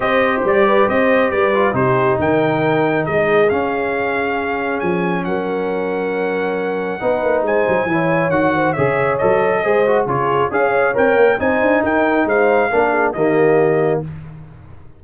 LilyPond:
<<
  \new Staff \with { instrumentName = "trumpet" } { \time 4/4 \tempo 4 = 137 dis''4 d''4 dis''4 d''4 | c''4 g''2 dis''4 | f''2. gis''4 | fis''1~ |
fis''4 gis''2 fis''4 | e''4 dis''2 cis''4 | f''4 g''4 gis''4 g''4 | f''2 dis''2 | }
  \new Staff \with { instrumentName = "horn" } { \time 4/4 c''4. b'8 c''4 b'4 | g'4 ais'2 gis'4~ | gis'1 | ais'1 |
b'4 c''4 cis''4. c''8 | cis''2 c''4 gis'4 | cis''2 c''4 ais'4 | c''4 ais'8 gis'8 g'2 | }
  \new Staff \with { instrumentName = "trombone" } { \time 4/4 g'2.~ g'8 f'8 | dis'1 | cis'1~ | cis'1 |
dis'2 e'4 fis'4 | gis'4 a'4 gis'8 fis'8 f'4 | gis'4 ais'4 dis'2~ | dis'4 d'4 ais2 | }
  \new Staff \with { instrumentName = "tuba" } { \time 4/4 c'4 g4 c'4 g4 | c4 dis2 gis4 | cis'2. f4 | fis1 |
b8 ais8 gis8 fis8 e4 dis4 | cis4 fis4 gis4 cis4 | cis'4 c'8 ais8 c'8 d'8 dis'4 | gis4 ais4 dis2 | }
>>